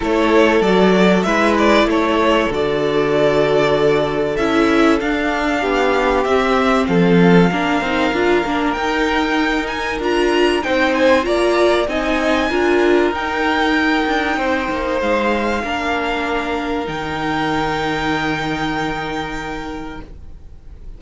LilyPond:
<<
  \new Staff \with { instrumentName = "violin" } { \time 4/4 \tempo 4 = 96 cis''4 d''4 e''8 d''8 cis''4 | d''2. e''4 | f''2 e''4 f''4~ | f''2 g''4. gis''8 |
ais''4 g''8 gis''8 ais''4 gis''4~ | gis''4 g''2. | f''2. g''4~ | g''1 | }
  \new Staff \with { instrumentName = "violin" } { \time 4/4 a'2 b'4 a'4~ | a'1~ | a'4 g'2 a'4 | ais'1~ |
ais'4 c''4 d''4 dis''4 | ais'2. c''4~ | c''4 ais'2.~ | ais'1 | }
  \new Staff \with { instrumentName = "viola" } { \time 4/4 e'4 fis'4 e'2 | fis'2. e'4 | d'2 c'2 | d'8 dis'8 f'8 d'8 dis'2 |
f'4 dis'4 f'4 dis'4 | f'4 dis'2.~ | dis'4 d'2 dis'4~ | dis'1 | }
  \new Staff \with { instrumentName = "cello" } { \time 4/4 a4 fis4 gis4 a4 | d2. cis'4 | d'4 b4 c'4 f4 | ais8 c'8 d'8 ais8 dis'2 |
d'4 c'4 ais4 c'4 | d'4 dis'4. d'8 c'8 ais8 | gis4 ais2 dis4~ | dis1 | }
>>